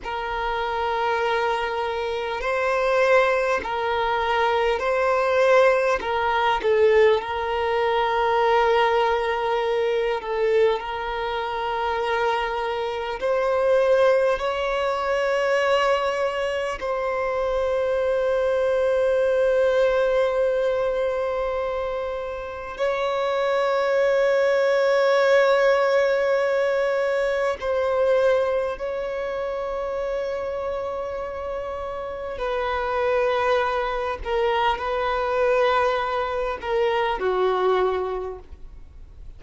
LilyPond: \new Staff \with { instrumentName = "violin" } { \time 4/4 \tempo 4 = 50 ais'2 c''4 ais'4 | c''4 ais'8 a'8 ais'2~ | ais'8 a'8 ais'2 c''4 | cis''2 c''2~ |
c''2. cis''4~ | cis''2. c''4 | cis''2. b'4~ | b'8 ais'8 b'4. ais'8 fis'4 | }